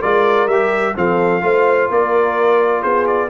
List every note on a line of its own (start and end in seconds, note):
0.00 0.47 G#3
0.00 0.49 F4
0.00 0.94 A#4
0.00 0.48 D5
0.47 0.94 G3
0.47 0.95 G4
0.47 0.95 E5
0.95 1.42 F3
0.95 1.41 C4
0.95 1.43 A4
0.95 1.91 F5
1.41 1.89 A3
1.41 3.29 F4
1.41 1.90 C5
1.90 2.84 A#3
1.90 2.81 A#4
1.90 2.83 D5
2.81 3.30 B3
2.81 3.28 G#4
2.81 3.06 C5
3.06 3.30 D5